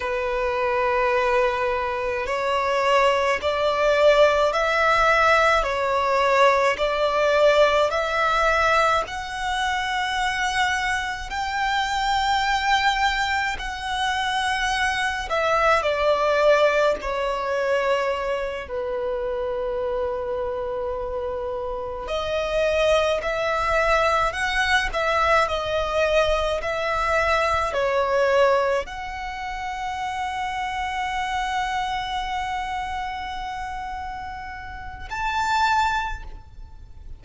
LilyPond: \new Staff \with { instrumentName = "violin" } { \time 4/4 \tempo 4 = 53 b'2 cis''4 d''4 | e''4 cis''4 d''4 e''4 | fis''2 g''2 | fis''4. e''8 d''4 cis''4~ |
cis''8 b'2. dis''8~ | dis''8 e''4 fis''8 e''8 dis''4 e''8~ | e''8 cis''4 fis''2~ fis''8~ | fis''2. a''4 | }